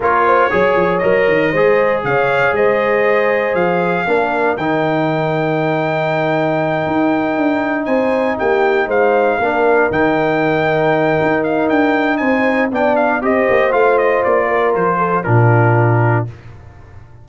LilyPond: <<
  \new Staff \with { instrumentName = "trumpet" } { \time 4/4 \tempo 4 = 118 cis''2 dis''2 | f''4 dis''2 f''4~ | f''4 g''2.~ | g''2.~ g''8 gis''8~ |
gis''8 g''4 f''2 g''8~ | g''2~ g''8 f''8 g''4 | gis''4 g''8 f''8 dis''4 f''8 dis''8 | d''4 c''4 ais'2 | }
  \new Staff \with { instrumentName = "horn" } { \time 4/4 ais'8 c''8 cis''2 c''4 | cis''4 c''2. | ais'1~ | ais'2.~ ais'8 c''8~ |
c''8 g'4 c''4 ais'4.~ | ais'1 | c''4 d''4 c''2~ | c''8 ais'4 a'8 f'2 | }
  \new Staff \with { instrumentName = "trombone" } { \time 4/4 f'4 gis'4 ais'4 gis'4~ | gis'1 | d'4 dis'2.~ | dis'1~ |
dis'2~ dis'8 d'4 dis'8~ | dis'1~ | dis'4 d'4 g'4 f'4~ | f'2 d'2 | }
  \new Staff \with { instrumentName = "tuba" } { \time 4/4 ais4 fis8 f8 fis8 dis8 gis4 | cis4 gis2 f4 | ais4 dis2.~ | dis4. dis'4 d'4 c'8~ |
c'8 ais4 gis4 ais4 dis8~ | dis2 dis'4 d'4 | c'4 b4 c'8 ais8 a4 | ais4 f4 ais,2 | }
>>